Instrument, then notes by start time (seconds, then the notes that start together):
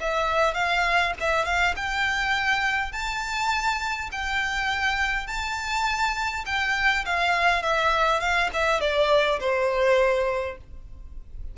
violin
0.00 E5
0.54 F5
1.20 E5
1.45 F5
1.76 G5
2.92 A5
4.11 G5
5.27 A5
6.46 G5
7.05 F5
7.62 E5
8.20 F5
8.53 E5
8.80 D5
9.40 C5